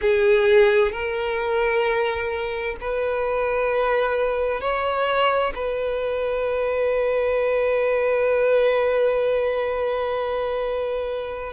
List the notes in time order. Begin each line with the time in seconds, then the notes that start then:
0.01 G#4
0.91 A#4
2.80 B4
4.60 C#5
5.55 B4